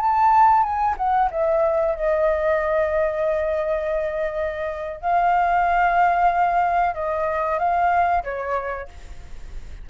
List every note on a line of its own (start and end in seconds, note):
0.00 0.63 A5
0.63 0.95 G#5
0.97 1.30 F#5
1.31 1.95 E5
1.95 5.01 D#5
5.01 6.94 F5
6.94 7.59 D#5
7.59 8.23 F5
8.23 8.88 C#5